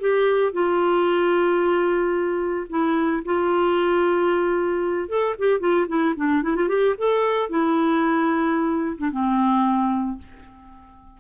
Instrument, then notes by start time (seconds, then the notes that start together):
clarinet
0.00 G4
0.53 F4
2.69 E4
3.25 F4
5.09 A4
5.38 G4
5.60 F4
5.88 E4
6.16 D4
6.43 E4
6.56 F4
6.68 G4
6.98 A4
7.50 E4
8.98 D4
9.11 C4